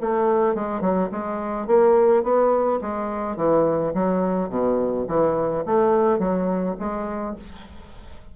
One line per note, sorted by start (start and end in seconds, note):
0.00 0.54 A3
0.54 0.80 G#3
0.80 1.09 F#3
1.11 1.66 G#3
1.66 2.23 A#3
2.23 2.79 B3
2.81 3.36 G#3
3.36 3.93 E3
3.94 4.49 F#3
4.49 5.05 B2
5.07 5.64 E3
5.65 6.19 A3
6.19 6.75 F#3
6.78 7.35 G#3